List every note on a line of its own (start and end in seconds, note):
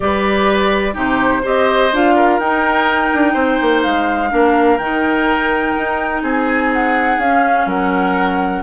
0.00 0.95 G3
0.00 0.93 G4
0.00 0.94 B4
0.00 0.95 D5
0.93 1.43 C3
0.93 1.41 D#4
0.93 1.42 G4
0.93 1.46 C5
1.42 1.92 C4
1.42 1.91 G4
1.42 2.14 C5
1.42 1.94 D#5
1.92 2.39 D4
1.92 2.41 F4
1.92 2.39 F5
2.15 3.33 A#4
2.39 3.11 D#4
2.39 4.30 D#4
2.39 3.82 G5
3.13 3.34 D4
3.33 3.58 C4
3.33 4.29 C5
3.61 3.85 A#3
3.82 4.32 G#3
3.82 4.78 F5
4.30 4.78 A#3
4.30 4.78 D4
4.30 6.22 A#4
4.78 5.74 D#3
4.78 7.21 D#4
4.78 6.22 G5
5.77 6.22 D#4
6.22 7.18 C4
6.22 7.66 G#4
6.22 6.72 G#5
6.72 7.20 F#5
7.18 7.66 C#4
7.18 7.68 F5
7.24 8.63 C#4
7.66 8.62 F#3
7.66 8.63 A#4
7.66 8.63 F#5